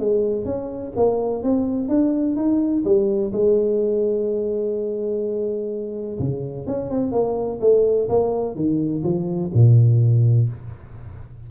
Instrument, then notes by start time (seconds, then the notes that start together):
tuba
0.00 G#3
0.45 C#4
0.97 A#3
1.44 C4
1.89 D4
2.37 D#4
2.85 G3
3.33 G#3
6.19 C#3
6.67 C#4
6.91 C4
7.12 A#3
7.61 A3
8.09 A#3
8.56 D#3
9.04 F3
9.54 A#2